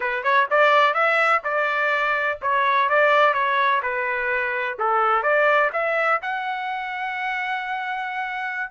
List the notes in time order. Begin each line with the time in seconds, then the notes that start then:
0.00 B4
0.23 C#5
0.50 D5
0.94 E5
1.44 D5
2.41 C#5
2.89 D5
3.33 C#5
3.82 B4
4.79 A4
5.23 D5
5.72 E5
6.22 F#5